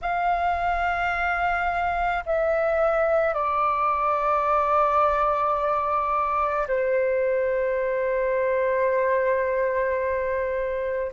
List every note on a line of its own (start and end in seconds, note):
0.01 2.23 F5
2.26 3.33 E5
3.33 6.67 D5
6.67 11.12 C5